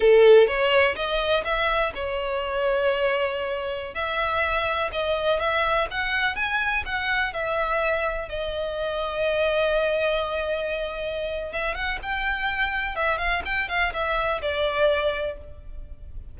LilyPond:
\new Staff \with { instrumentName = "violin" } { \time 4/4 \tempo 4 = 125 a'4 cis''4 dis''4 e''4 | cis''1~ | cis''16 e''2 dis''4 e''8.~ | e''16 fis''4 gis''4 fis''4 e''8.~ |
e''4~ e''16 dis''2~ dis''8.~ | dis''1 | e''8 fis''8 g''2 e''8 f''8 | g''8 f''8 e''4 d''2 | }